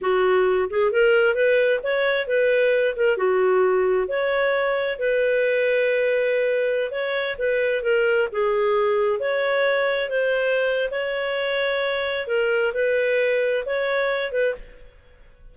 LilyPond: \new Staff \with { instrumentName = "clarinet" } { \time 4/4 \tempo 4 = 132 fis'4. gis'8 ais'4 b'4 | cis''4 b'4. ais'8 fis'4~ | fis'4 cis''2 b'4~ | b'2.~ b'16 cis''8.~ |
cis''16 b'4 ais'4 gis'4.~ gis'16~ | gis'16 cis''2 c''4.~ c''16 | cis''2. ais'4 | b'2 cis''4. b'8 | }